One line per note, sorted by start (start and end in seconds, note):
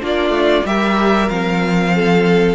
0.00 0.29 A#3
0.00 0.64 D4
0.00 0.66 F4
0.00 0.66 D5
0.29 0.61 A3
0.65 1.29 G3
0.65 1.28 G4
0.65 1.95 A#4
0.65 1.28 E5
1.28 2.54 F3
1.28 2.54 C4
1.28 2.54 F5
1.95 2.54 A4